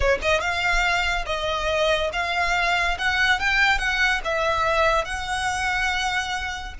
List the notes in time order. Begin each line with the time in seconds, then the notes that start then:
0.00 C#5
0.22 D#5
0.40 F5
1.26 D#5
2.13 F5
2.98 F#5
3.39 G5
3.78 F#5
4.24 E5
5.05 F#5